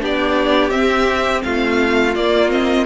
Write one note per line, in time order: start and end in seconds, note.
0.00 0.71 B3
0.00 0.71 D4
0.00 1.45 G4
0.00 0.71 D5
0.71 1.43 C4
0.71 2.15 C4
0.71 1.42 E5
1.43 2.16 A3
1.43 2.87 F4
1.43 2.15 F5
2.15 2.87 A#3
2.15 2.50 A#3
2.15 2.51 D5
2.50 2.85 C4
2.50 2.87 D#5